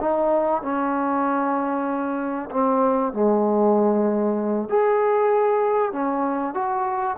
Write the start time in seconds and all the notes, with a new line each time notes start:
0.00 D#4
0.62 C#4
2.50 C4
3.12 G#3
4.69 G#4
5.92 C#4
6.54 F#4